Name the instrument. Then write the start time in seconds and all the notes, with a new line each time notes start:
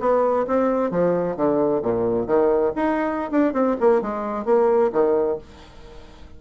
bassoon
0.00 B3
0.47 C4
0.91 F3
1.36 D3
1.82 A#2
2.27 D#3
2.76 D#4
3.31 D4
3.53 C4
3.80 A#3
4.02 G#3
4.45 A#3
4.92 D#3